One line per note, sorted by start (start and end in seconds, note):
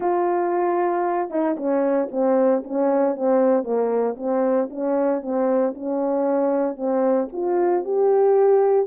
0.00 1.30 F4
1.30 1.56 D#4
1.56 2.08 C#4
2.11 2.63 C4
2.63 3.16 C#4
3.16 3.63 C4
3.63 4.15 A#3
4.17 4.69 C4
4.70 5.22 C#4
5.22 5.74 C4
5.75 6.76 C#4
6.76 7.28 C4
7.32 7.84 F4
7.84 8.86 G4